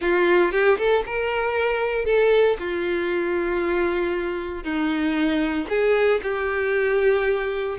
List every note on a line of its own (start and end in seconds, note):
0.01 0.51 F4
0.51 0.77 G4
0.78 1.03 A4
1.06 2.05 A#4
2.05 2.57 A4
2.59 4.63 F4
4.63 5.67 D#4
5.69 6.20 G#4
6.23 7.78 G4